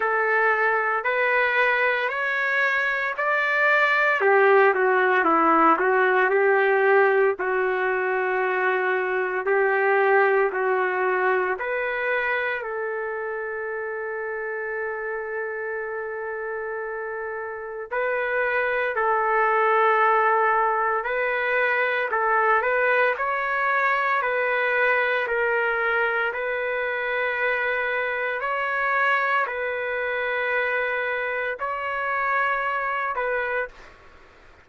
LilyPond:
\new Staff \with { instrumentName = "trumpet" } { \time 4/4 \tempo 4 = 57 a'4 b'4 cis''4 d''4 | g'8 fis'8 e'8 fis'8 g'4 fis'4~ | fis'4 g'4 fis'4 b'4 | a'1~ |
a'4 b'4 a'2 | b'4 a'8 b'8 cis''4 b'4 | ais'4 b'2 cis''4 | b'2 cis''4. b'8 | }